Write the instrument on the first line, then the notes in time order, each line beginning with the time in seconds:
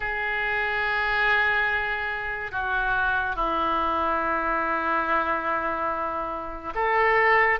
oboe
0.00 G#4
2.51 F#4
3.35 E4
6.75 A4